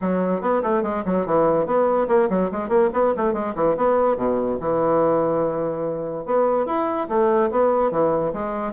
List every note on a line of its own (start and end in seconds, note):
0.01 0.41 F#3
0.41 0.61 B3
0.62 0.82 A3
0.82 1.03 G#3
1.05 1.26 F#3
1.26 1.66 E3
1.66 2.07 B3
2.08 2.28 A#3
2.29 2.50 F#3
2.51 2.69 G#3
2.69 2.89 A#3
2.93 3.14 B3
3.16 3.33 A3
3.33 3.54 G#3
3.55 3.76 E3
3.77 4.17 B3
4.17 4.58 B2
4.59 6.25 E3
6.25 6.66 B3
6.66 7.07 E4
7.09 7.50 A3
7.50 7.91 B3
7.91 8.32 E3
8.33 8.72 G#3